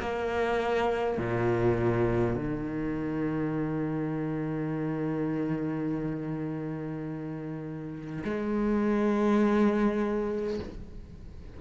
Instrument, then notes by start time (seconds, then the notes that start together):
cello
0.00 A#3
1.18 A#2
2.35 D#3
8.24 G#3